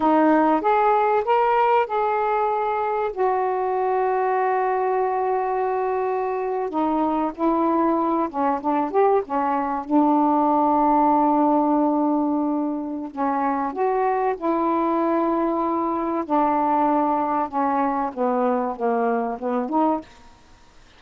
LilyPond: \new Staff \with { instrumentName = "saxophone" } { \time 4/4 \tempo 4 = 96 dis'4 gis'4 ais'4 gis'4~ | gis'4 fis'2.~ | fis'2~ fis'8. dis'4 e'16~ | e'4~ e'16 cis'8 d'8 g'8 cis'4 d'16~ |
d'1~ | d'4 cis'4 fis'4 e'4~ | e'2 d'2 | cis'4 b4 ais4 b8 dis'8 | }